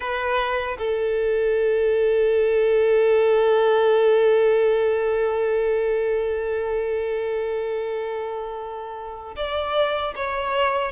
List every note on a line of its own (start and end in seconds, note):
0.00 0.77 B4
0.78 9.35 A4
9.36 10.14 D5
10.15 10.92 C#5